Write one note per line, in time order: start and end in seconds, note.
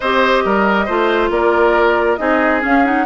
0.00 0.44 C4
0.00 0.88 G4
0.00 0.43 C5
0.00 1.29 D#5
0.44 0.88 G3
0.44 0.85 A#4
0.85 1.30 A3
0.85 2.19 F4
0.85 1.29 C5
1.30 2.17 A#3
1.30 2.19 A#4
1.30 2.16 D5
2.16 2.63 C4
2.16 2.61 D#4
2.16 3.05 G#4
2.16 2.60 D#5
2.61 2.83 C#4
2.61 3.05 C#4
2.61 2.85 F5
2.84 3.05 D#4
2.84 3.05 F#5